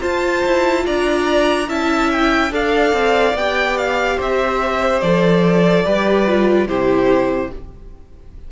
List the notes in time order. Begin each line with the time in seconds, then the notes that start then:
0.00 F4 C5 A5
0.45 E4
0.85 D4 D5 A#5
1.68 C#4 E4 E5 A5
2.11 G5
2.50 D4 A4 D5 F5
2.92 C4
3.33 B3 G4 G5
3.77 F5
4.16 C4 C5 E5
5.00 F3 A4 D5
5.85 G3 G4 B4
6.27 F4
6.66 C3 E4 G4 C5